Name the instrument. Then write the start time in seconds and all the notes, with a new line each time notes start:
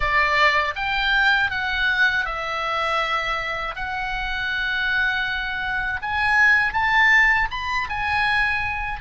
oboe
0.00 D5
0.75 G5
1.50 F#5
2.25 E5
3.75 F#5
6.01 G#5
6.73 A5
7.50 B5
7.89 G#5